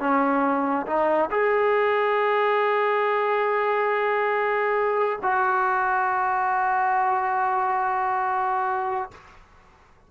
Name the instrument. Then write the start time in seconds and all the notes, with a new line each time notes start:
trombone
0.00 C#4
0.87 D#4
1.31 G#4
5.23 F#4